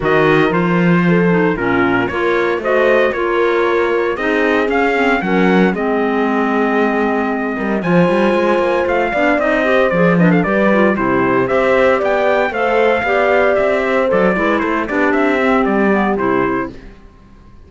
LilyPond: <<
  \new Staff \with { instrumentName = "trumpet" } { \time 4/4 \tempo 4 = 115 dis''4 c''2 ais'4 | cis''4 dis''4 cis''2 | dis''4 f''4 fis''4 dis''4~ | dis''2. gis''4~ |
gis''4 f''4 dis''4 d''8 dis''16 f''16 | d''4 c''4 e''4 g''4 | f''2 e''4 d''4 | c''8 d''8 e''4 d''4 c''4 | }
  \new Staff \with { instrumentName = "horn" } { \time 4/4 ais'2 a'4 f'4 | ais'4 c''4 ais'2 | gis'2 ais'4 gis'4~ | gis'2~ gis'8 ais'8 c''4~ |
c''4. d''4 c''4 b'16 a'16 | b'4 g'4 c''4 d''4 | c''4 d''4. c''4 b'8 | a'8 g'2.~ g'8 | }
  \new Staff \with { instrumentName = "clarinet" } { \time 4/4 fis'4 f'4. dis'8 cis'4 | f'4 fis'4 f'2 | dis'4 cis'8 c'8 cis'4 c'4~ | c'2. f'4~ |
f'4. d'8 dis'8 g'8 gis'8 d'8 | g'8 f'8 e'4 g'2 | a'4 g'2 a'8 e'8~ | e'8 d'4 c'4 b8 e'4 | }
  \new Staff \with { instrumentName = "cello" } { \time 4/4 dis4 f2 ais,4 | ais4 a4 ais2 | c'4 cis'4 fis4 gis4~ | gis2~ gis8 g8 f8 g8 |
gis8 ais8 a8 b8 c'4 f4 | g4 c4 c'4 b4 | a4 b4 c'4 fis8 gis8 | a8 b8 c'4 g4 c4 | }
>>